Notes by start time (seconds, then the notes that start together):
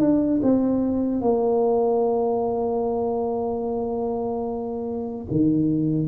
0.00 D4
0.42 C4
1.21 A#3
5.31 D#3